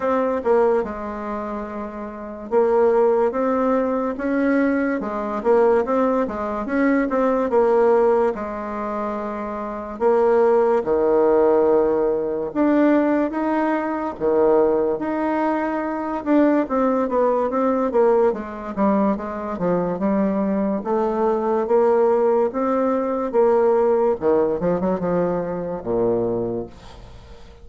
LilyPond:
\new Staff \with { instrumentName = "bassoon" } { \time 4/4 \tempo 4 = 72 c'8 ais8 gis2 ais4 | c'4 cis'4 gis8 ais8 c'8 gis8 | cis'8 c'8 ais4 gis2 | ais4 dis2 d'4 |
dis'4 dis4 dis'4. d'8 | c'8 b8 c'8 ais8 gis8 g8 gis8 f8 | g4 a4 ais4 c'4 | ais4 dis8 f16 fis16 f4 ais,4 | }